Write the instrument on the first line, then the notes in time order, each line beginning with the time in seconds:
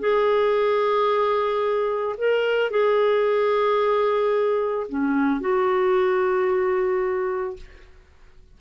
clarinet
0.00 G#4
2.18 A#4
2.71 G#4
4.89 C#4
5.41 F#4